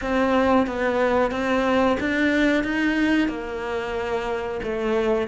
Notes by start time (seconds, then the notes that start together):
0.01 C4
0.67 B3
1.31 C4
2.00 D4
2.63 D#4
3.28 A#3
4.62 A3